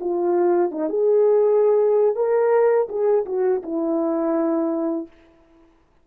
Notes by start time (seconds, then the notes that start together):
0.00 F4
0.71 D#4
0.89 G#4
2.15 A#4
2.88 G#4
3.25 F#4
3.62 E4